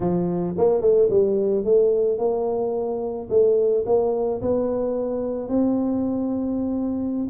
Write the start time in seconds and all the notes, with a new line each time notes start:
0.00 F3
0.57 A#3
0.81 A3
1.10 G3
1.64 A3
2.18 A#3
3.29 A3
3.86 A#3
4.41 B3
5.48 C4